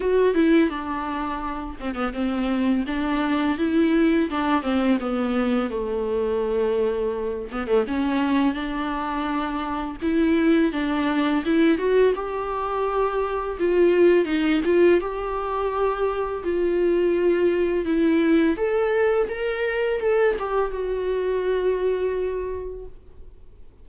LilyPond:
\new Staff \with { instrumentName = "viola" } { \time 4/4 \tempo 4 = 84 fis'8 e'8 d'4. c'16 b16 c'4 | d'4 e'4 d'8 c'8 b4 | a2~ a8 b16 a16 cis'4 | d'2 e'4 d'4 |
e'8 fis'8 g'2 f'4 | dis'8 f'8 g'2 f'4~ | f'4 e'4 a'4 ais'4 | a'8 g'8 fis'2. | }